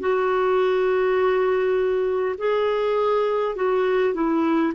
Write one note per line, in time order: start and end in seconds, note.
0.00 2.35 F#4
2.38 3.56 G#4
3.56 4.14 F#4
4.14 4.73 E4